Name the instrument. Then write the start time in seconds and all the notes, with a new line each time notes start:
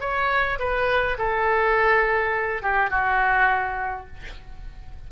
oboe
0.00 C#5
0.59 B4
1.18 A4
2.62 G4
2.90 F#4